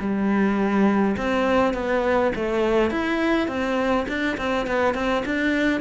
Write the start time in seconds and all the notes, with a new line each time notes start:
0.00 G3
1.17 C4
1.74 B3
2.36 A3
2.91 E4
3.48 C4
4.08 D4
4.37 C4
4.67 B3
4.94 C4
5.26 D4